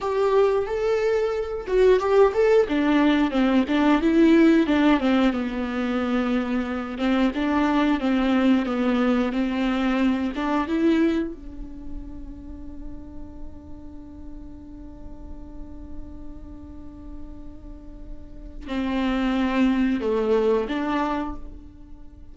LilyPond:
\new Staff \with { instrumentName = "viola" } { \time 4/4 \tempo 4 = 90 g'4 a'4. fis'8 g'8 a'8 | d'4 c'8 d'8 e'4 d'8 c'8 | b2~ b8 c'8 d'4 | c'4 b4 c'4. d'8 |
e'4 d'2.~ | d'1~ | d'1 | c'2 a4 d'4 | }